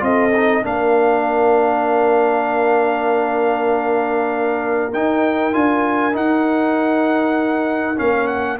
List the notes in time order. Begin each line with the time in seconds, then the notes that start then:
0.00 C4 F4 A4 D#5
0.36 D#4
0.64 A#3 D4 A#4 F5
4.93 D#4 G5
5.53 D4 F4 G#5
6.13 D#4 F#5
7.98 A#3 C#4 F5
8.27 F#5